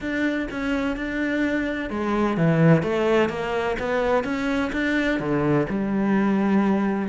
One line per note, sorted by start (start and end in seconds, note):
0.00 0.48 D4
0.50 0.96 C#4
0.96 1.90 D4
1.90 2.37 G#3
2.37 2.82 E3
2.82 3.29 A3
3.29 3.76 A#3
3.79 4.23 B3
4.23 4.71 C#4
4.72 5.19 D4
5.19 5.66 D3
5.69 7.08 G3